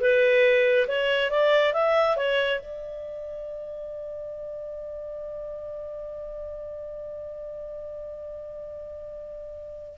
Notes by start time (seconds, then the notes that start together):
0.00 B4
0.88 C#5
1.30 D5
1.74 E5
2.16 C#5
2.59 D5